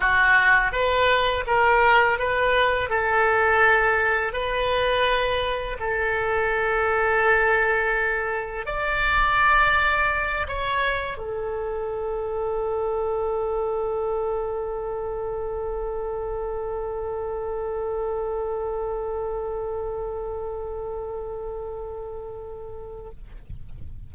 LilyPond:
\new Staff \with { instrumentName = "oboe" } { \time 4/4 \tempo 4 = 83 fis'4 b'4 ais'4 b'4 | a'2 b'2 | a'1 | d''2~ d''8 cis''4 a'8~ |
a'1~ | a'1~ | a'1~ | a'1 | }